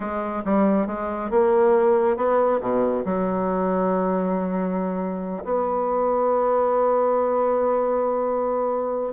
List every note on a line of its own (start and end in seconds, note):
0.00 0.43 G#3
0.44 0.87 G3
0.87 1.30 G#3
1.30 2.16 A#3
2.16 2.60 B3
2.60 3.04 B2
3.05 5.44 F#3
5.44 9.13 B3